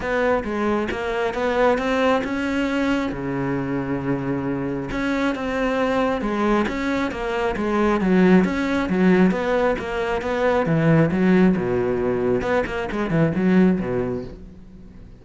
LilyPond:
\new Staff \with { instrumentName = "cello" } { \time 4/4 \tempo 4 = 135 b4 gis4 ais4 b4 | c'4 cis'2 cis4~ | cis2. cis'4 | c'2 gis4 cis'4 |
ais4 gis4 fis4 cis'4 | fis4 b4 ais4 b4 | e4 fis4 b,2 | b8 ais8 gis8 e8 fis4 b,4 | }